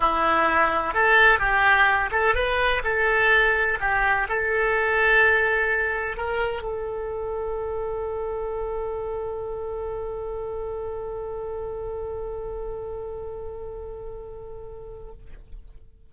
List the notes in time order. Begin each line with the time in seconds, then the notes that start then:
0.00 E4
0.94 A4
1.39 G4
2.11 A4
2.34 B4
2.83 A4
3.80 G4
4.28 A4
6.16 A#4
6.62 A4